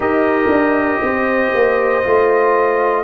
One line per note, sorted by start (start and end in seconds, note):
0.00 0.48 D#4
0.00 2.03 G4
0.00 1.02 A#4
0.00 3.04 D#5
0.49 0.99 D4
1.01 1.52 C4
1.01 3.04 C5
1.54 2.05 A#3
2.03 3.04 A3
2.03 3.04 F4